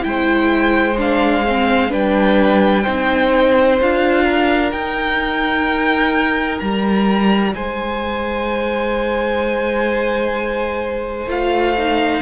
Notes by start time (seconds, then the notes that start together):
0.00 G#3 E4 G5
0.08 C5
0.98 D4 F5
1.48 C4
1.89 G3 D4 B4 G5
2.83 C4 D#4 C5
3.81 D4 F4 F5
4.24 A#4
4.72 D#4 G5
6.59 G3 A#5
7.54 G#3 C5 G#5
11.27 A3 F4 F5
11.78 D#4